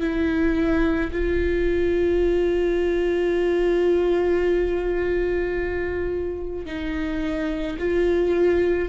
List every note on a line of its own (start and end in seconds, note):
0.00 1.11 E4
1.12 6.66 F4
6.66 7.77 D#4
7.79 8.88 F4